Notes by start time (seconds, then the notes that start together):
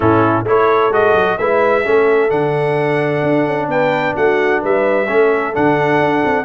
0.00 A2 C#4 E4 A4
0.43 A3 E4 A4 C#5
0.89 G#3 F#4 D#5
1.13 F#3
1.38 G#3 E4 B4 E5
1.84 A3 C#4 A4
2.29 D3 D4 F#5
3.22 D4
3.45 C#4
3.67 B3 B4 G5
4.15 A3 F#4 F#5
4.61 G3 B4 E5
5.06 A3 C#4 A4
5.53 D3 D4 F#5
5.99 D4
6.24 C4